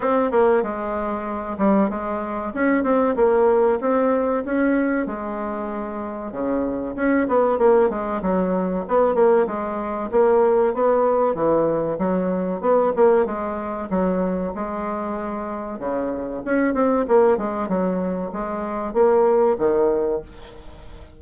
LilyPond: \new Staff \with { instrumentName = "bassoon" } { \time 4/4 \tempo 4 = 95 c'8 ais8 gis4. g8 gis4 | cis'8 c'8 ais4 c'4 cis'4 | gis2 cis4 cis'8 b8 | ais8 gis8 fis4 b8 ais8 gis4 |
ais4 b4 e4 fis4 | b8 ais8 gis4 fis4 gis4~ | gis4 cis4 cis'8 c'8 ais8 gis8 | fis4 gis4 ais4 dis4 | }